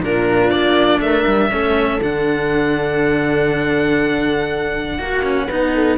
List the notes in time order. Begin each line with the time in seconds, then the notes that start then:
0.00 A#2 D4 F4 A#4
0.50 A#3 D5
1.00 A3 A#4 E5
1.26 G3
1.50 A3 C#4 A4
2.01 D3 D4 F#5
4.98 A#3 F#4
5.22 C#4
5.45 B3 D#4 B4
5.74 A4